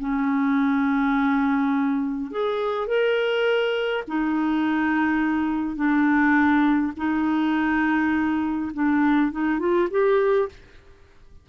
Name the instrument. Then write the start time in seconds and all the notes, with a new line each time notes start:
clarinet
0.00 C#4
2.32 G#4
2.88 A#4
4.08 D#4
5.77 D4
6.97 D#4
8.74 D4
9.32 D#4
9.60 F4
9.91 G4